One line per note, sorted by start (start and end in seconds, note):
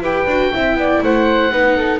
0.00 0.25 E4
0.00 0.28 G4
0.00 0.51 B4
0.00 1.04 G5
0.27 0.51 D4
0.27 0.53 F#4
0.53 0.75 C4
0.53 1.52 E4
0.53 0.78 E5
0.75 1.00 B3
0.75 1.04 D5
1.03 1.52 A3
1.03 1.52 C5
1.03 2.00 F#5
1.52 2.00 B3
1.52 2.00 D#4
1.52 1.76 B4
1.76 2.00 A4